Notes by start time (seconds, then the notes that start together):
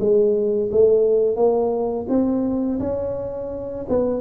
0.00 G#3
0.72 A3
1.36 A#3
2.09 C4
2.80 C#4
3.89 B3